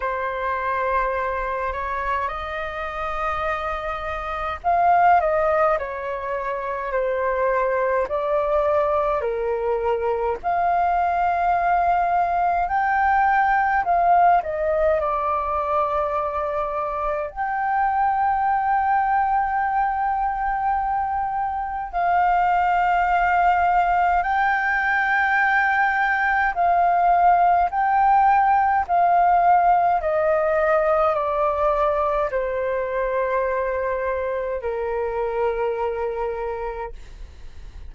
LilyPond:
\new Staff \with { instrumentName = "flute" } { \time 4/4 \tempo 4 = 52 c''4. cis''8 dis''2 | f''8 dis''8 cis''4 c''4 d''4 | ais'4 f''2 g''4 | f''8 dis''8 d''2 g''4~ |
g''2. f''4~ | f''4 g''2 f''4 | g''4 f''4 dis''4 d''4 | c''2 ais'2 | }